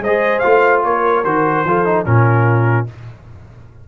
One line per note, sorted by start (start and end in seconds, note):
0.00 0.41 G#3
0.00 0.83 C5
0.00 0.39 D#5
0.06 0.43 G#4
0.39 1.24 F4
0.39 0.79 F5
0.45 0.84 A3
0.84 1.24 A#3
0.84 1.67 A#4
0.84 1.24 C#5
1.24 1.64 D#3
1.24 1.65 F#4
1.24 2.05 C5
1.64 2.05 F3
1.64 1.85 F4
1.64 2.07 A4
1.85 2.05 D#4
2.05 2.87 A#2
2.05 2.86 C#4
2.05 2.88 F4
2.05 2.86 A#4